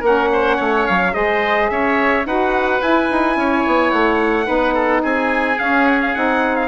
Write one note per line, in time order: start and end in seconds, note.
0.00 0.58 A#3
0.00 1.12 C#4
0.00 0.28 A#4
0.00 0.87 F#5
0.33 0.56 C5
0.56 0.88 A3
0.56 1.12 C#5
0.87 1.15 F#3
0.87 1.14 F5
1.12 1.70 G#3
1.12 2.23 G#4
1.12 1.70 C5
1.12 1.69 D#5
1.70 2.25 C#4
1.70 2.27 C#5
1.70 2.25 E5
2.25 2.81 D#4
2.25 2.80 F#4
2.25 3.38 B4
2.25 2.81 F#5
2.80 4.44 E4
2.80 3.09 E4
2.80 3.91 G#5
3.11 3.36 D#4
3.36 3.64 C#4
3.36 4.46 C#5
3.66 3.92 B3
3.91 4.48 A3
3.91 5.02 F#5
4.44 5.04 B3
4.44 5.55 D#4
4.44 4.74 B4
4.74 5.02 A4
5.02 5.59 C4
5.02 6.67 G#4
5.02 5.59 G#5
5.57 6.12 C#4
5.57 6.16 C#4
5.57 5.86 F5
5.86 5.99 F#5
6.01 6.15 F5
6.14 6.67 C4
6.14 6.67 D#4
6.14 6.56 F#5
6.56 6.67 F5